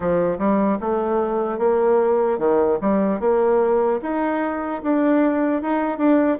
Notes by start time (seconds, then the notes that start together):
0.00 F3
0.38 G3
0.80 A3
1.58 A#3
2.38 D#3
2.81 G3
3.20 A#3
4.02 D#4
4.83 D4
5.61 D#4
5.97 D4